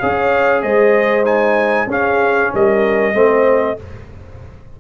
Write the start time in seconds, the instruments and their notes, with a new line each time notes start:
0.00 tuba C#4, trombone G#4, horn C#5, trumpet F5
0.63 tuba G#3, horn C5, trumpet D#5
1.25 trombone D#4, trumpet G#5
1.88 tuba C#4, trombone C#4, horn G#4, trumpet F5
2.54 tuba G3, horn A#4, trumpet D#5
3.14 tuba A3, trombone C4, horn C5